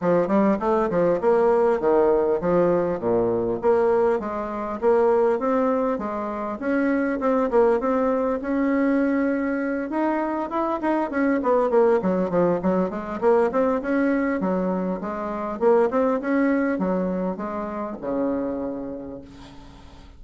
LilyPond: \new Staff \with { instrumentName = "bassoon" } { \time 4/4 \tempo 4 = 100 f8 g8 a8 f8 ais4 dis4 | f4 ais,4 ais4 gis4 | ais4 c'4 gis4 cis'4 | c'8 ais8 c'4 cis'2~ |
cis'8 dis'4 e'8 dis'8 cis'8 b8 ais8 | fis8 f8 fis8 gis8 ais8 c'8 cis'4 | fis4 gis4 ais8 c'8 cis'4 | fis4 gis4 cis2 | }